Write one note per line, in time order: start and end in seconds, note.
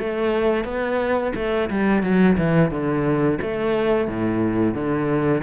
0.00 0.65 A3
0.65 1.33 B3
1.36 1.70 A3
1.70 2.03 G3
2.03 2.37 F#3
2.38 2.71 E3
2.71 3.39 D3
3.42 4.09 A3
4.09 4.75 A2
4.75 5.43 D3